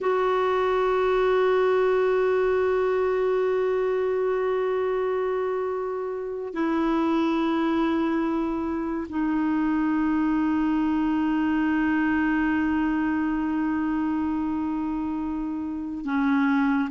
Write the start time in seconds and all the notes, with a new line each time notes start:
0.00 F#4
6.53 E4
9.09 D#4
16.04 C#4